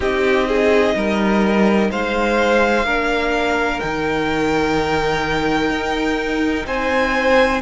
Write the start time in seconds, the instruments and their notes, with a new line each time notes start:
0.00 cello C4, viola D#4, violin G4 D#5
0.47 violin G#4
0.95 cello G3, violin A#4
1.90 cello G#3, violin C5 F5
2.84 cello A#3, viola D4, violin A#4
3.80 cello D#3, viola D#4, violin G5
5.70 cello D#4
6.66 cello C4, violin C5 G#5